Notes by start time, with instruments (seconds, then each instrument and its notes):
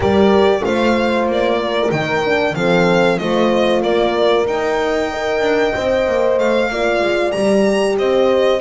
0.00 double bass G3, horn G4 A#4, violin D5
0.61 double bass A3, horn F4 C5, violin F5
1.26 double bass A#3, violin D5
1.57 horn A#4
1.90 double bass D#3, horn D#4, violin G5
2.24 horn D4
2.54 double bass F3, horn C4 A4, violin F5
3.18 double bass A3, horn F4 C5, violin D#5
3.82 double bass A#3, horn A#4, violin D5
4.45 double bass D#4, horn D#4, violin G5
5.11 horn A#4 D#5
5.41 double bass D4
5.74 double bass C4, horn C5
6.07 double bass A#3
6.38 double bass A3, violin F5
6.69 double bass A#3, horn F4 D5
7.01 double bass G#3
7.31 double bass G3, horn G4, violin A#5
7.97 double bass C4, horn C5, violin D#5